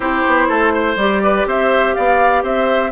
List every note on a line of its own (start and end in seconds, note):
0.00 0.22 C4
0.00 0.97 E4
0.00 0.48 G4
0.00 0.96 C5
0.26 0.49 B3
0.48 0.96 A3
0.48 0.72 A4
0.73 1.22 C5
0.96 1.44 G3
0.96 2.91 G4
0.96 1.48 D5
1.23 1.47 B4
1.45 1.94 C4
1.45 1.95 C5
1.45 1.94 E5
1.94 2.43 B3
1.94 2.43 D5
1.94 2.43 F5
2.43 2.91 C4
2.43 2.91 C5
2.43 2.91 E5